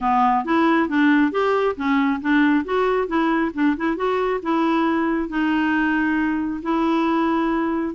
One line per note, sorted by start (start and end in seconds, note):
0.00 0.44 B3
0.44 0.88 E4
0.88 1.31 D4
1.31 1.75 G4
1.76 2.20 C#4
2.21 2.64 D4
2.64 3.07 F#4
3.07 3.51 E4
3.54 3.76 D4
3.77 3.96 E4
3.96 4.40 F#4
4.42 5.28 E4
5.28 6.61 D#4
6.62 7.94 E4